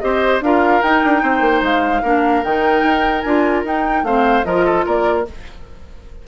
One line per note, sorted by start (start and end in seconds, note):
0.00 0.41 C4
0.00 0.42 G4
0.00 0.44 C5
0.00 0.40 D#5
0.41 0.81 D4
0.41 0.83 F4
0.41 1.23 A#4
0.41 0.82 F5
0.82 2.04 D#4
0.82 1.04 D#4
0.82 1.63 G5
1.04 1.23 D4
1.23 1.41 C4
1.23 2.02 C5
1.41 1.61 A#3
1.62 2.02 G#3
1.62 2.44 F5
2.02 2.43 A#3
2.02 2.44 D4
2.02 4.04 A#4
2.44 2.83 D#3
2.44 3.26 D#4
2.44 3.21 G5
2.83 3.23 D#4
3.21 3.64 D4
3.21 3.66 F4
3.21 3.62 G#5
3.64 4.03 D#4
3.64 4.06 D#4
3.64 4.05 G5
4.03 4.43 A3
4.03 4.45 C4
4.03 4.46 C5
4.03 4.45 F5
4.45 4.86 F3
4.45 5.25 F4
4.45 4.65 A#4
4.45 4.85 D#5
4.65 4.85 A4
4.85 5.28 A#3
4.85 5.26 A#4
4.85 5.28 D5